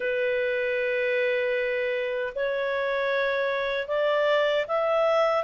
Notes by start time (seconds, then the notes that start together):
0.00 B4
2.35 C#5
3.87 D5
4.67 E5